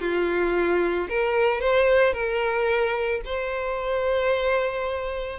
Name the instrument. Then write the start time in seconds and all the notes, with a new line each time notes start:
violin
0.00 F4
1.09 A#4
1.61 C5
2.13 A#4
3.25 C5